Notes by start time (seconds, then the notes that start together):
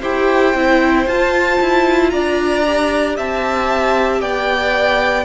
0.00 E4 G4 C5 G5
0.54 C4 E4
1.06 F4 A5
1.60 E4
2.10 D4 D5 A#5
2.66 G4
3.16 C4 E5 A5
4.21 B3 D5 G5